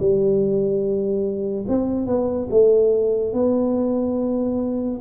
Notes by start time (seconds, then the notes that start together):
0.00 G3
1.69 C4
2.07 B3
2.51 A3
3.34 B3